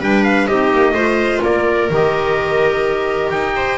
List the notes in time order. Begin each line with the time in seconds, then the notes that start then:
0.00 G3 D4 B4 G5
0.24 F5
0.47 C4 D#4 G4 D#5
0.73 A#3
0.92 A3 F4 C5
1.43 A#3 A#4 D5
1.90 D#3 G4 D#5
3.31 D#4 G5
3.56 C5